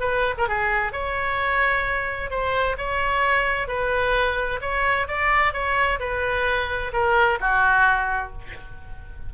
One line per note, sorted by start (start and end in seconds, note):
0.00 0.35 B4
0.38 0.48 A#4
0.48 0.93 G#4
0.93 2.30 C#5
2.30 2.77 C5
2.78 3.68 C#5
3.68 4.60 B4
4.61 5.07 C#5
5.07 5.53 D5
5.53 5.99 C#5
6.00 6.92 B4
6.93 7.39 A#4
7.40 8.33 F#4